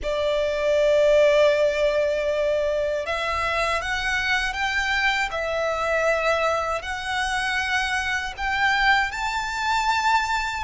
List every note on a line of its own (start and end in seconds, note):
0.02 3.06 D5
3.06 3.81 E5
3.81 4.53 F#5
4.53 5.29 G5
5.31 6.81 E5
6.81 8.33 F#5
8.37 9.11 G5
9.11 10.63 A5